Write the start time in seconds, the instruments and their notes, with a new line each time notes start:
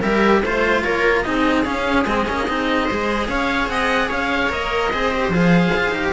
0.00 cello G3 G4, viola A#4, oboe E5
0.43 cello A3 F4, oboe C5, viola C5
0.82 cello A#3, viola A#4, oboe C#5
1.22 cello C4 D#4, viola G#4, oboe D#5
1.63 cello C#4, oboe F5
2.04 cello G#3 C4, oboe D#5
2.27 cello A#3 C#4
2.48 cello C4 D#4
2.84 viola C5
2.90 cello G#3 G#4
3.28 cello C#4, viola C#5, oboe F5
3.68 cello C4, viola D#5, oboe F#5
4.08 cello C#4, viola C#5, oboe F5
4.49 cello A#3 A#4, oboe D#5
4.91 cello C4 G#4, viola C5
5.12 cello G4
5.28 cello F3 G#4, oboe F5
5.75 cello F4
5.90 cello D#4 G4